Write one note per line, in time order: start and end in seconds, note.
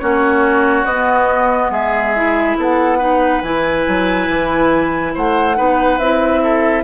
0.00 0.84 A#3
0.00 0.86 C#4
0.00 1.72 F#4
0.00 0.85 C#5
0.84 1.70 B3
0.84 2.16 B3
0.84 1.71 D#5
1.71 2.56 G#3
1.71 2.57 G#4
1.71 2.58 E5
2.16 3.00 E4
2.58 3.43 B3
2.58 2.99 A4
2.58 3.43 F#5
2.99 3.43 D#4
2.99 5.13 B4
3.43 3.86 E3
3.43 5.56 E4
3.43 5.14 G#5
3.88 4.29 F#3
4.29 5.15 E3
5.15 5.59 A3
5.15 5.57 C5
5.15 5.99 F#5
5.56 5.99 B3
5.56 5.99 D#4
5.56 6.43 B4
5.99 6.84 C4
5.99 6.84 E4
5.99 6.84 E5
6.43 6.84 A4